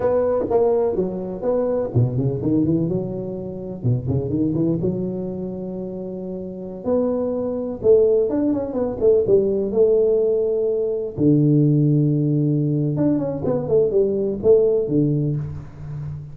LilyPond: \new Staff \with { instrumentName = "tuba" } { \time 4/4 \tempo 4 = 125 b4 ais4 fis4 b4 | b,8 cis8 dis8 e8 fis2 | b,8 cis8 dis8 e8 fis2~ | fis2~ fis16 b4.~ b16~ |
b16 a4 d'8 cis'8 b8 a8 g8.~ | g16 a2. d8.~ | d2. d'8 cis'8 | b8 a8 g4 a4 d4 | }